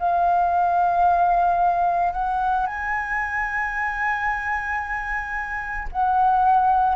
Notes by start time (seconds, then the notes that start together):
0.00 F5
2.13 F#5
2.67 G#5
5.93 F#5